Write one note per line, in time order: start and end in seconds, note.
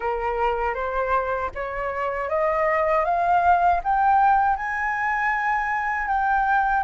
0.00 0.74 A#4
0.74 1.50 C5
1.55 2.29 C#5
2.29 3.04 D#5
3.04 3.80 F5
3.83 4.56 G5
4.56 6.07 G#5
6.07 6.83 G5